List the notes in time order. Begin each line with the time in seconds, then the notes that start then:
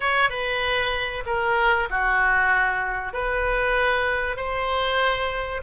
0.00 C#5
0.29 B4
1.26 A#4
1.90 F#4
3.13 B4
4.36 C5